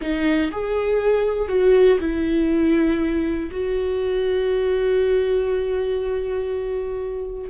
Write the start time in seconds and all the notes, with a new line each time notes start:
0.01 D#4
0.51 G#4
1.48 F#4
2.00 E4
3.51 F#4